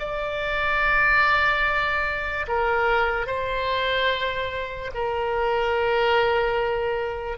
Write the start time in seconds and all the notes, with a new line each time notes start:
0.00 D5
2.48 A#4
3.27 C5
4.95 A#4